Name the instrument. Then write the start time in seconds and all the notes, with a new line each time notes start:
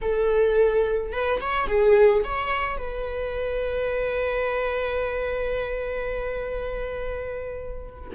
viola
0.01 A4
1.12 B4
1.40 C#5
1.67 G#4
2.24 C#5
2.77 B4